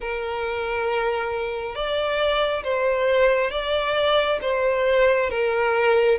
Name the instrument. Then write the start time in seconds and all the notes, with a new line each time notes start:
violin
0.00 A#4
1.74 D5
2.63 C5
3.51 D5
4.41 C5
5.29 A#4